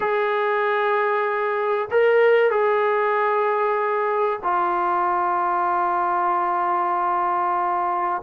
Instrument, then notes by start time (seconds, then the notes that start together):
trombone
0.00 G#4
1.90 A#4
2.50 G#4
4.43 F4